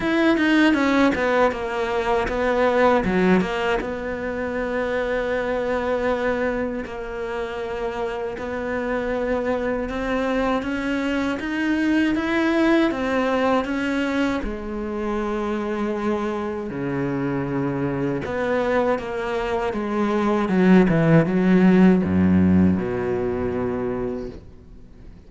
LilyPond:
\new Staff \with { instrumentName = "cello" } { \time 4/4 \tempo 4 = 79 e'8 dis'8 cis'8 b8 ais4 b4 | fis8 ais8 b2.~ | b4 ais2 b4~ | b4 c'4 cis'4 dis'4 |
e'4 c'4 cis'4 gis4~ | gis2 cis2 | b4 ais4 gis4 fis8 e8 | fis4 fis,4 b,2 | }